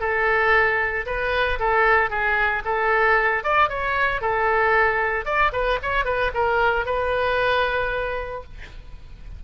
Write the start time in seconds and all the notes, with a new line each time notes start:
0.00 A4
1.06 B4
1.59 A4
2.10 G#4
2.65 A4
3.44 D5
3.69 C#5
4.21 A4
5.25 D5
5.52 B4
5.82 C#5
6.05 B4
6.33 A#4
6.85 B4